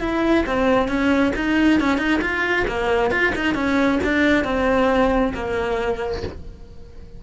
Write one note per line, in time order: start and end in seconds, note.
0.00 0.44 E4
0.46 0.88 C4
0.88 1.33 C#4
1.36 1.80 D#4
1.80 1.98 C#4
1.98 2.20 D#4
2.21 2.66 F4
2.68 3.11 A#3
3.11 3.33 F4
3.35 3.54 D#4
3.54 3.99 C#4
4.03 4.44 D4
4.44 5.33 C4
5.34 6.23 A#3